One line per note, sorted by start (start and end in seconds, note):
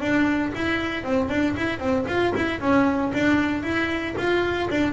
0.00 0.52 D4
0.55 1.03 E4
1.03 1.29 C4
1.29 1.55 D4
1.56 1.79 E4
1.79 2.05 C4
2.07 2.33 F4
2.35 2.60 E4
2.60 3.12 C#4
3.13 3.63 D4
3.63 4.14 E4
4.17 4.69 F4
4.70 4.93 D4